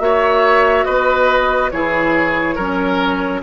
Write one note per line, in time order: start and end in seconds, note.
0.00 0.86 A#3
0.00 1.71 F#4
0.00 0.86 C#5
0.00 0.85 E5
0.85 1.72 B3
0.85 1.71 B4
0.85 1.71 D#5
1.71 2.57 E3
1.71 2.59 E4
1.71 2.56 G#4
1.71 3.42 C#5
2.56 3.43 F#3
2.56 3.44 C#4
2.56 3.41 A#4